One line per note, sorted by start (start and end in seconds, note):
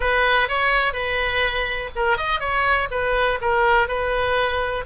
0.00 0.48 B4
0.48 0.93 C#5
0.93 1.89 B4
1.95 2.17 A#4
2.17 2.40 D#5
2.40 2.88 C#5
2.91 3.39 B4
3.41 3.88 A#4
3.88 4.84 B4